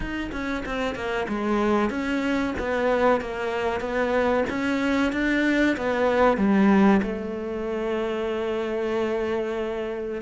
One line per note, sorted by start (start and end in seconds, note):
0.00 0.30 D#4
0.32 0.64 C#4
0.65 0.95 C4
0.95 1.26 A#3
1.28 1.90 G#3
1.90 2.54 C#4
2.58 3.21 B3
3.21 3.80 A#3
3.80 4.44 B3
4.49 5.12 C#4
5.12 5.76 D4
5.76 6.37 B3
6.37 7.01 G3
7.02 10.21 A3